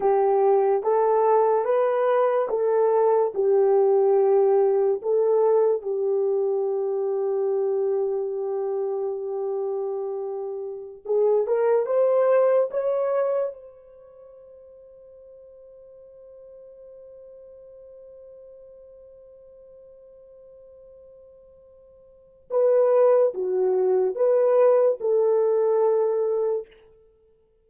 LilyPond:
\new Staff \with { instrumentName = "horn" } { \time 4/4 \tempo 4 = 72 g'4 a'4 b'4 a'4 | g'2 a'4 g'4~ | g'1~ | g'4~ g'16 gis'8 ais'8 c''4 cis''8.~ |
cis''16 c''2.~ c''8.~ | c''1~ | c''2. b'4 | fis'4 b'4 a'2 | }